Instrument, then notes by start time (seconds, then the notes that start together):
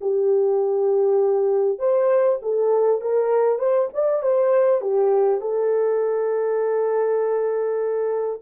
horn
0.00 G4
1.78 C5
2.42 A4
3.01 A#4
3.58 C5
3.93 D5
4.22 C5
4.81 G4
5.40 A4